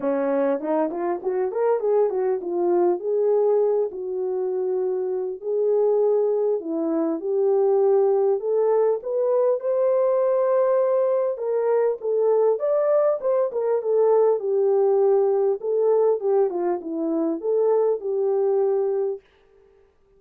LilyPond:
\new Staff \with { instrumentName = "horn" } { \time 4/4 \tempo 4 = 100 cis'4 dis'8 f'8 fis'8 ais'8 gis'8 fis'8 | f'4 gis'4. fis'4.~ | fis'4 gis'2 e'4 | g'2 a'4 b'4 |
c''2. ais'4 | a'4 d''4 c''8 ais'8 a'4 | g'2 a'4 g'8 f'8 | e'4 a'4 g'2 | }